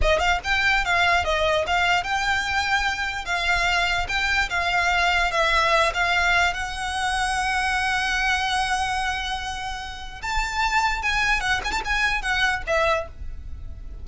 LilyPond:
\new Staff \with { instrumentName = "violin" } { \time 4/4 \tempo 4 = 147 dis''8 f''8 g''4 f''4 dis''4 | f''4 g''2. | f''2 g''4 f''4~ | f''4 e''4. f''4. |
fis''1~ | fis''1~ | fis''4 a''2 gis''4 | fis''8 gis''16 a''16 gis''4 fis''4 e''4 | }